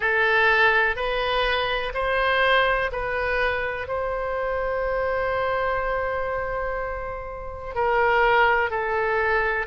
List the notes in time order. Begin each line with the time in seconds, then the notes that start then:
0.00 A4
0.96 B4
1.94 C5
2.92 B4
3.87 C5
7.75 A#4
8.70 A4